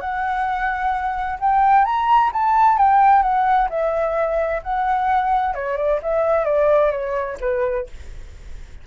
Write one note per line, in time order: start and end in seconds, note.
0.00 1.38 F#5
1.40 1.84 G5
1.84 2.31 A#5
2.33 2.77 A5
2.77 3.22 G5
3.22 3.68 F#5
3.69 4.62 E5
4.63 5.54 F#5
5.54 5.77 C#5
5.77 6.00 D5
6.02 6.45 E5
6.45 6.91 D5
6.91 7.37 C#5
7.40 7.86 B4